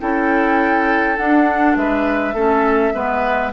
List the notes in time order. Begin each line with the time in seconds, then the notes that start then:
0.00 C#4 E4 A4 G5
1.17 D4 F#5
1.76 G#3 B4 E5
2.34 A3 C#4 A4
2.94 G#3 B3 B4